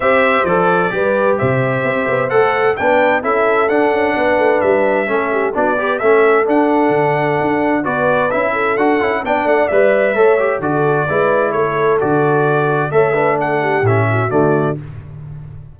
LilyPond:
<<
  \new Staff \with { instrumentName = "trumpet" } { \time 4/4 \tempo 4 = 130 e''4 d''2 e''4~ | e''4 fis''4 g''4 e''4 | fis''2 e''2 | d''4 e''4 fis''2~ |
fis''4 d''4 e''4 fis''4 | g''8 fis''8 e''2 d''4~ | d''4 cis''4 d''2 | e''4 fis''4 e''4 d''4 | }
  \new Staff \with { instrumentName = "horn" } { \time 4/4 c''2 b'4 c''4~ | c''2 b'4 a'4~ | a'4 b'2 a'8 g'8 | fis'8 b'8 a'2.~ |
a'4 b'4. a'4. | d''2 cis''4 a'4 | b'4 a'2. | cis''8 b'8 a'8 g'4 fis'4. | }
  \new Staff \with { instrumentName = "trombone" } { \time 4/4 g'4 a'4 g'2~ | g'4 a'4 d'4 e'4 | d'2. cis'4 | d'8 g'8 cis'4 d'2~ |
d'4 fis'4 e'4 fis'8 e'8 | d'4 b'4 a'8 g'8 fis'4 | e'2 fis'2 | a'8 d'4. cis'4 a4 | }
  \new Staff \with { instrumentName = "tuba" } { \time 4/4 c'4 f4 g4 c4 | c'8 b8 a4 b4 cis'4 | d'8 cis'8 b8 a8 g4 a4 | b4 a4 d'4 d4 |
d'4 b4 cis'4 d'8 cis'8 | b8 a8 g4 a4 d4 | gis4 a4 d2 | a2 a,4 d4 | }
>>